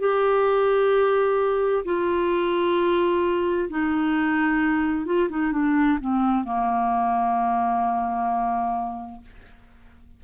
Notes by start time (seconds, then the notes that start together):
0.00 G4
1.85 F4
3.70 D#4
5.06 F4
5.30 D#4
5.53 D4
6.01 C4
6.45 A#3